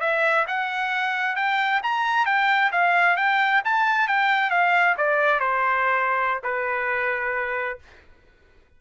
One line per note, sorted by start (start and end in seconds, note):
0.00 0.45 E5
0.47 1.36 F#5
1.36 1.81 G5
1.83 2.26 A#5
2.26 2.71 G5
2.71 3.16 F5
3.16 3.62 G5
3.64 4.08 A5
4.08 4.50 G5
4.50 4.95 F5
4.97 5.40 D5
5.40 6.41 C5
6.43 7.78 B4